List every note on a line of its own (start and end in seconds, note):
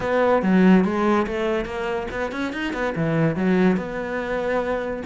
0.00 0.42 B3
0.42 0.84 F#3
0.84 1.26 G#3
1.26 1.65 A3
1.65 2.07 A#3
2.11 2.31 B3
2.31 2.52 C#4
2.52 2.73 D#4
2.73 2.94 B3
2.95 3.36 E3
3.36 3.76 F#3
3.76 5.02 B3